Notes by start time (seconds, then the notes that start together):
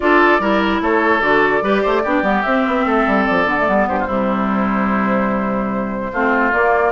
0.00 D4 F4 A4 D5
0.39 G3 E4 A#4
0.81 A3 A4 C#5
1.20 D3 F#4 D5
1.62 G3 G4 B4
1.82 A3 C5
2.02 B3 D4 G4
2.22 G3 B3
2.42 C4 E5
2.66 B3
2.85 A3 A4
3.07 G3
3.25 F3 D5
3.45 D3 B3
3.59 A3
3.67 G3 B3
3.87 G2 G4 C5
3.99 F4
4.07 C3 G3 E4
6.12 A3 C4 F4
6.52 A#3 D5